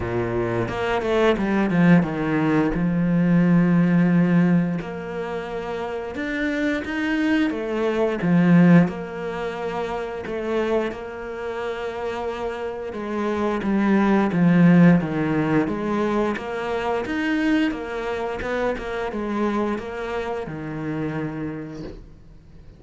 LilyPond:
\new Staff \with { instrumentName = "cello" } { \time 4/4 \tempo 4 = 88 ais,4 ais8 a8 g8 f8 dis4 | f2. ais4~ | ais4 d'4 dis'4 a4 | f4 ais2 a4 |
ais2. gis4 | g4 f4 dis4 gis4 | ais4 dis'4 ais4 b8 ais8 | gis4 ais4 dis2 | }